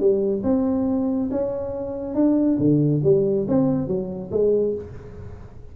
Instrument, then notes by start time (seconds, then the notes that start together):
tuba
0.00 G3
0.44 C4
1.31 C#4
2.15 D4
2.59 D3
3.04 G3
3.48 C4
3.88 F#3
4.32 G#3